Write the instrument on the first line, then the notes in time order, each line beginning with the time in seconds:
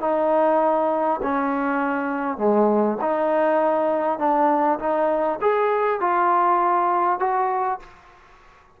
trombone
0.00 D#4
1.22 C#4
2.37 G#3
3.01 D#4
4.18 D4
4.79 D#4
5.41 G#4
6.00 F4
7.19 F#4